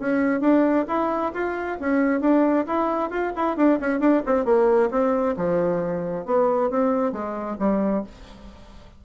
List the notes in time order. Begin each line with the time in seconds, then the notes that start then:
0.00 C#4
0.41 D4
0.88 E4
1.34 F4
1.80 C#4
2.21 D4
2.67 E4
3.11 F4
3.36 E4
3.57 D4
3.81 C#4
4.00 D4
4.26 C4
4.46 A#3
4.91 C4
5.37 F3
6.26 B3
6.71 C4
7.13 G#3
7.60 G3